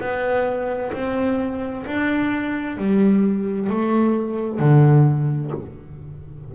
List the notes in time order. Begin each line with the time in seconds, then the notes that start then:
0.00 B3
0.93 C4
1.86 D4
2.77 G3
3.70 A3
4.59 D3